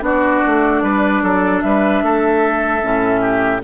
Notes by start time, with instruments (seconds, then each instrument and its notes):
0.00 bassoon B3, clarinet D4, oboe F#4, flute D5
0.46 bassoon A3
0.82 bassoon G3, oboe B4
1.23 bassoon F#3, oboe A4
1.61 bassoon G3, oboe B4, flute E5
2.03 bassoon A3, oboe A4
2.82 bassoon A2, clarinet C#4
3.21 oboe G4